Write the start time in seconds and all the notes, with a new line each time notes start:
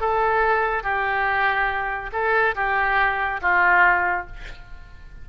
0.00 A4
0.83 G4
2.12 A4
2.55 G4
3.41 F4